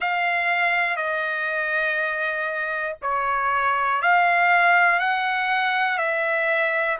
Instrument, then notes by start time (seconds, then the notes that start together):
trumpet
0.00 F5
0.96 D#5
3.01 C#5
4.02 F5
5.00 F#5
5.97 E5